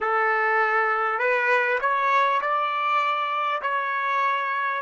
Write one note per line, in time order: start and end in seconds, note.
0.00 1.18 A4
1.18 1.78 B4
1.80 2.40 C#5
2.41 3.61 D5
3.62 4.81 C#5